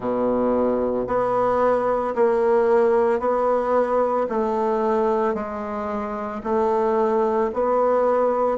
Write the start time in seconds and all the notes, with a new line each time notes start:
0.00 B2
1.07 B3
2.15 A#3
3.19 B3
4.29 A3
5.34 G#3
6.43 A3
7.53 B3